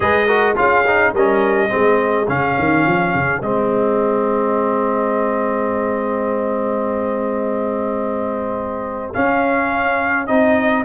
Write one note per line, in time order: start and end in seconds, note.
0.00 0.57 G#3
0.00 0.27 G#4
0.00 0.26 B4
0.00 0.57 D#5
0.26 0.55 F#4
0.26 0.55 A#4
0.55 1.13 C#4
0.55 0.84 F4
0.55 1.14 G#4
0.55 1.14 F5
0.86 1.15 D#4
1.13 1.70 G3
1.13 1.68 C#4
1.13 1.71 A#4
1.13 2.28 D#5
1.68 2.28 G#3
1.68 2.26 C4
1.68 10.85 G#4
2.28 2.57 C#3
2.28 3.42 C#4
2.28 3.41 F5
2.58 2.85 D#3
2.85 3.14 F3
3.14 3.41 C#3
3.41 9.13 G#3
3.41 9.13 C4
3.41 9.13 D#5
9.13 10.27 C#4
9.13 10.28 C#4
9.13 10.26 F5
10.26 10.85 C4
10.26 10.84 D#4
10.26 10.84 D#5